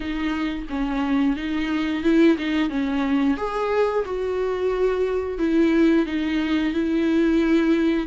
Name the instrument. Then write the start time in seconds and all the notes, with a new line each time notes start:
viola
0.00 D#4
0.69 C#4
1.36 D#4
2.03 E4
2.38 D#4
2.69 C#4
3.37 G#4
4.05 F#4
5.38 E4
6.06 D#4
6.73 E4